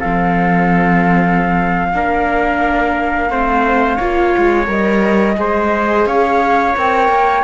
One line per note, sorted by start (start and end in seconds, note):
0.00 1.93 F3
0.00 1.93 C4
0.00 1.90 A4
0.00 4.66 F5
1.93 3.30 A#3
1.93 3.30 D4
1.93 3.31 A#4
3.30 3.99 A3
3.30 3.99 C4
3.30 3.96 C5
3.96 4.35 A#3
3.96 4.67 F4
3.96 5.34 C#5
4.38 4.68 G#3
4.67 5.37 G3
4.67 5.36 A#4
4.67 6.06 D#5
5.36 6.06 G#3
5.36 6.74 G#4
5.36 6.07 C5
6.06 6.75 C#4
6.06 7.44 C#5
6.06 6.75 F5
6.76 7.08 C4
6.76 7.44 A#4
6.76 7.44 G5
7.08 7.43 A#3